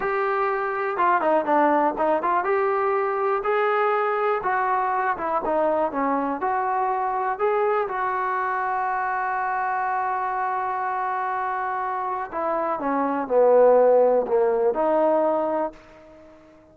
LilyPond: \new Staff \with { instrumentName = "trombone" } { \time 4/4 \tempo 4 = 122 g'2 f'8 dis'8 d'4 | dis'8 f'8 g'2 gis'4~ | gis'4 fis'4. e'8 dis'4 | cis'4 fis'2 gis'4 |
fis'1~ | fis'1~ | fis'4 e'4 cis'4 b4~ | b4 ais4 dis'2 | }